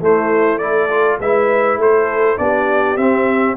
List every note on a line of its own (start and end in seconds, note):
0.00 1.19 A3
0.00 0.60 A3
0.00 0.62 E4
0.00 0.58 C5
0.58 0.89 E4
0.58 1.20 A4
0.58 1.18 D5
0.90 1.20 F4
1.19 1.77 G#3
1.19 2.38 E4
1.19 1.79 B4
1.19 1.80 E5
1.77 2.37 A3
1.77 2.40 A4
1.77 2.38 C5
2.38 2.97 B3
2.38 2.97 D4
2.38 3.57 G4
2.38 2.97 D5
2.97 3.56 C4
2.97 3.57 C4
2.97 3.56 E5